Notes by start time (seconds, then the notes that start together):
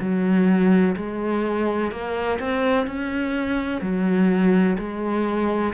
0.00 F#3
0.96 G#3
1.91 A#3
2.39 C4
2.86 C#4
3.81 F#3
4.78 G#3